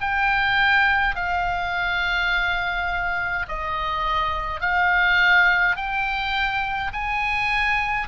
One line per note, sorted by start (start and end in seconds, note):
0.00 1.15 G5
1.15 3.46 F5
3.48 4.60 D#5
4.60 5.76 F5
5.76 6.91 G5
6.93 8.08 G#5